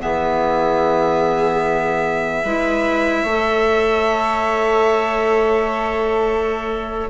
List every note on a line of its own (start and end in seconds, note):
0.00 2.44 E3
0.00 2.43 B3
0.00 2.43 G#4
0.00 7.09 E5
2.43 3.23 G#3
2.43 3.27 E4
2.43 3.23 B4
3.23 7.08 A3
3.23 7.09 A4
3.23 7.08 C#5